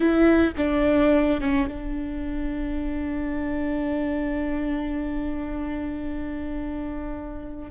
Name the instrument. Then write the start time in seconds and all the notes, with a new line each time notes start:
viola
0.00 E4
0.57 D4
1.40 C#4
1.68 D4